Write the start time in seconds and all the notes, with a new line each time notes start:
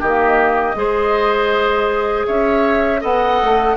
0.00 D#3 A#3 G4 D#5
0.75 G#3 G#4 C5
2.26 C#4 C#5 E5
3.00 B3 A4 D#5 F#5
3.42 A3